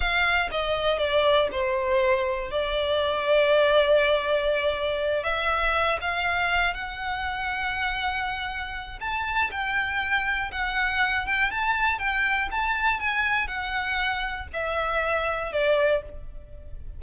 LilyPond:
\new Staff \with { instrumentName = "violin" } { \time 4/4 \tempo 4 = 120 f''4 dis''4 d''4 c''4~ | c''4 d''2.~ | d''2~ d''8 e''4. | f''4. fis''2~ fis''8~ |
fis''2 a''4 g''4~ | g''4 fis''4. g''8 a''4 | g''4 a''4 gis''4 fis''4~ | fis''4 e''2 d''4 | }